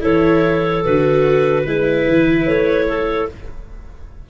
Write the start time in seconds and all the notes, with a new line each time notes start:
0.00 E3 E4 A4 C#5
0.84 D3 F#4 B4
1.63 G#3 E4 B4
2.07 E3
2.46 A3 C#5
2.88 A4